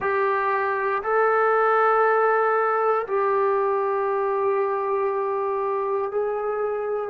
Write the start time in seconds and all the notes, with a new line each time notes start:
0.00 G4
1.03 A4
3.07 G4
6.11 G#4